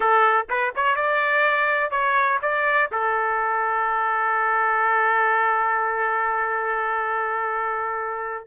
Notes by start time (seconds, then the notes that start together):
0.00 A4
0.49 B4
0.75 C#5
0.95 D5
1.90 C#5
2.42 D5
2.91 A4